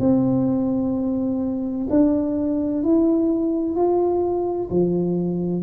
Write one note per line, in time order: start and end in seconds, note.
0.00 1.87 C4
1.90 2.83 D4
2.83 3.76 E4
3.76 4.70 F4
4.70 5.63 F3